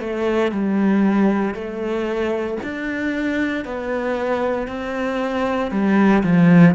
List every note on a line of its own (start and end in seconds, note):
0.00 0.52 A3
0.52 1.55 G3
1.55 2.58 A3
2.63 3.65 D4
3.65 4.68 B3
4.68 5.71 C4
5.71 6.23 G3
6.23 6.75 F3